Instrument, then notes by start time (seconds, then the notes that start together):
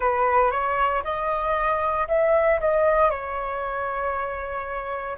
flute
0.00 B4
0.51 C#5
1.03 D#5
2.08 E5
2.60 D#5
3.10 C#5